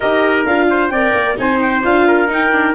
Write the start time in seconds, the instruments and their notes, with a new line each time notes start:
0.00 tuba D#4, viola G4, trumpet A#4, clarinet D#5
0.45 tuba D4, viola F4, clarinet F5
0.69 trumpet C5
0.88 tuba C4, trumpet D5, clarinet G5
0.95 viola A#4
1.13 tuba A#3
1.36 tuba C4, viola D#4, trumpet C5, clarinet G#5
1.60 clarinet G5
1.83 tuba D4, viola F4, clarinet F5
2.07 trumpet A#4
2.27 viola D#4, tuba D#4, clarinet G5
2.51 viola D4